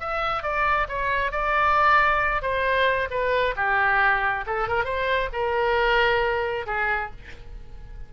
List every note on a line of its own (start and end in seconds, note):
0.00 0.43 E5
0.43 0.87 D5
0.88 1.32 C#5
1.32 2.42 D5
2.42 3.08 C5
3.10 3.55 B4
3.56 4.45 G4
4.46 4.68 A4
4.68 4.85 A#4
4.85 5.29 C5
5.33 6.66 A#4
6.67 7.11 G#4